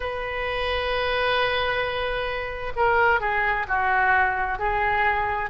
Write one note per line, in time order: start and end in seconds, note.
0.00 2.72 B4
2.76 3.20 A#4
3.20 3.66 G#4
3.67 4.58 F#4
4.58 5.50 G#4